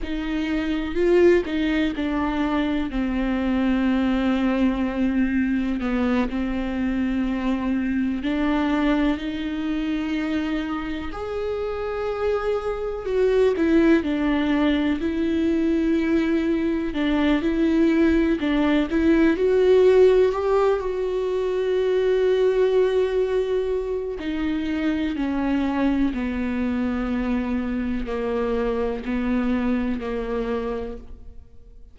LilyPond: \new Staff \with { instrumentName = "viola" } { \time 4/4 \tempo 4 = 62 dis'4 f'8 dis'8 d'4 c'4~ | c'2 b8 c'4.~ | c'8 d'4 dis'2 gis'8~ | gis'4. fis'8 e'8 d'4 e'8~ |
e'4. d'8 e'4 d'8 e'8 | fis'4 g'8 fis'2~ fis'8~ | fis'4 dis'4 cis'4 b4~ | b4 ais4 b4 ais4 | }